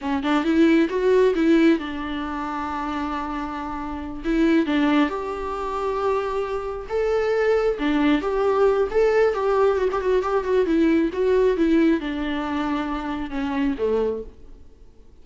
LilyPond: \new Staff \with { instrumentName = "viola" } { \time 4/4 \tempo 4 = 135 cis'8 d'8 e'4 fis'4 e'4 | d'1~ | d'4. e'4 d'4 g'8~ | g'2.~ g'8 a'8~ |
a'4. d'4 g'4. | a'4 g'4 fis'16 g'16 fis'8 g'8 fis'8 | e'4 fis'4 e'4 d'4~ | d'2 cis'4 a4 | }